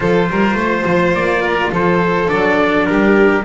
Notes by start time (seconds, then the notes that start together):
0.00 F3 F4 A4 C5
0.30 G3 A#4
0.55 A3 C5
0.85 F3
1.13 A#3 D5
1.42 A#4
1.72 F3 A4 C5
2.28 F#3 D4 D5
2.85 G3 G4 A#4